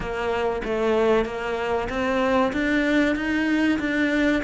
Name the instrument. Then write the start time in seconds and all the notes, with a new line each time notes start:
cello
0.00 A#3
0.64 A3
1.25 A#3
1.89 C4
2.52 D4
3.16 D#4
3.79 D4